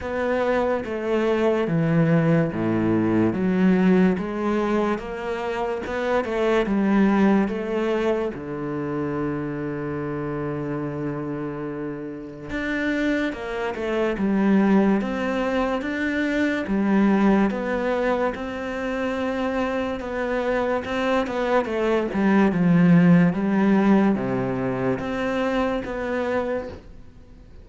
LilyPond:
\new Staff \with { instrumentName = "cello" } { \time 4/4 \tempo 4 = 72 b4 a4 e4 a,4 | fis4 gis4 ais4 b8 a8 | g4 a4 d2~ | d2. d'4 |
ais8 a8 g4 c'4 d'4 | g4 b4 c'2 | b4 c'8 b8 a8 g8 f4 | g4 c4 c'4 b4 | }